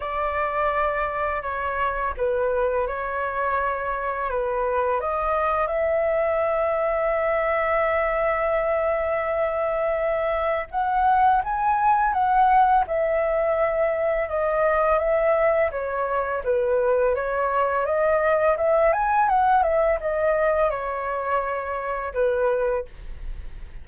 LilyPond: \new Staff \with { instrumentName = "flute" } { \time 4/4 \tempo 4 = 84 d''2 cis''4 b'4 | cis''2 b'4 dis''4 | e''1~ | e''2. fis''4 |
gis''4 fis''4 e''2 | dis''4 e''4 cis''4 b'4 | cis''4 dis''4 e''8 gis''8 fis''8 e''8 | dis''4 cis''2 b'4 | }